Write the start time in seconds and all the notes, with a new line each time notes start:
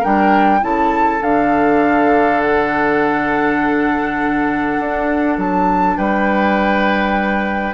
0.00 G3 D4 A#4 G5
0.61 C#3 E4 A4 A5
1.21 D3 D4 F5
2.41 F#5
4.80 D4
5.38 F#3 A5
5.98 G3 B4 G5